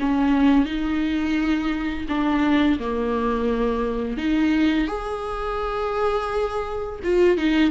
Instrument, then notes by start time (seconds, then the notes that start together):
viola
0.00 C#4
0.65 D#4
2.09 D4
2.80 A#3
4.18 D#4
4.88 G#4
7.04 F4
7.38 D#4